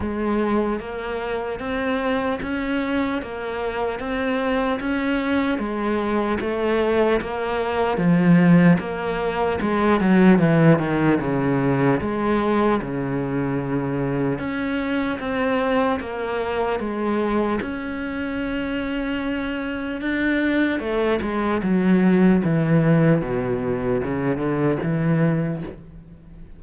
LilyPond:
\new Staff \with { instrumentName = "cello" } { \time 4/4 \tempo 4 = 75 gis4 ais4 c'4 cis'4 | ais4 c'4 cis'4 gis4 | a4 ais4 f4 ais4 | gis8 fis8 e8 dis8 cis4 gis4 |
cis2 cis'4 c'4 | ais4 gis4 cis'2~ | cis'4 d'4 a8 gis8 fis4 | e4 b,4 cis8 d8 e4 | }